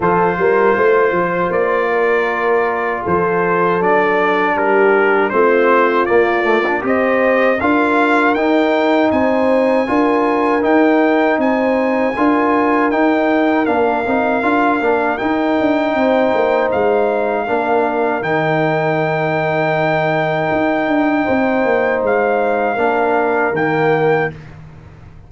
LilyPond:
<<
  \new Staff \with { instrumentName = "trumpet" } { \time 4/4 \tempo 4 = 79 c''2 d''2 | c''4 d''4 ais'4 c''4 | d''4 dis''4 f''4 g''4 | gis''2 g''4 gis''4~ |
gis''4 g''4 f''2 | g''2 f''2 | g''1~ | g''4 f''2 g''4 | }
  \new Staff \with { instrumentName = "horn" } { \time 4/4 a'8 ais'8 c''4. ais'4. | a'2 g'4 f'4~ | f'4 c''4 ais'2 | c''4 ais'2 c''4 |
ais'1~ | ais'4 c''2 ais'4~ | ais'1 | c''2 ais'2 | }
  \new Staff \with { instrumentName = "trombone" } { \time 4/4 f'1~ | f'4 d'2 c'4 | ais8 a16 d'16 g'4 f'4 dis'4~ | dis'4 f'4 dis'2 |
f'4 dis'4 d'8 dis'8 f'8 d'8 | dis'2. d'4 | dis'1~ | dis'2 d'4 ais4 | }
  \new Staff \with { instrumentName = "tuba" } { \time 4/4 f8 g8 a8 f8 ais2 | f4 fis4 g4 a4 | ais4 c'4 d'4 dis'4 | c'4 d'4 dis'4 c'4 |
d'4 dis'4 ais8 c'8 d'8 ais8 | dis'8 d'8 c'8 ais8 gis4 ais4 | dis2. dis'8 d'8 | c'8 ais8 gis4 ais4 dis4 | }
>>